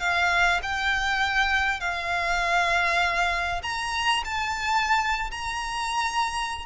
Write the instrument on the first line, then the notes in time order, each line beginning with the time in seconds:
violin
0.00 F5
0.63 G5
1.80 F5
3.63 A#5
4.25 A5
5.31 A#5